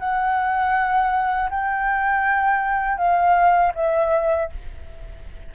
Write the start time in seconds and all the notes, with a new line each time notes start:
0.00 F#5
1.50 G5
2.98 F5
3.75 E5